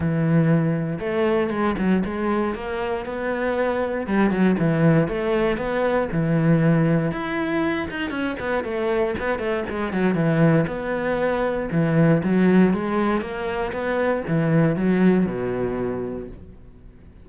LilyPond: \new Staff \with { instrumentName = "cello" } { \time 4/4 \tempo 4 = 118 e2 a4 gis8 fis8 | gis4 ais4 b2 | g8 fis8 e4 a4 b4 | e2 e'4. dis'8 |
cis'8 b8 a4 b8 a8 gis8 fis8 | e4 b2 e4 | fis4 gis4 ais4 b4 | e4 fis4 b,2 | }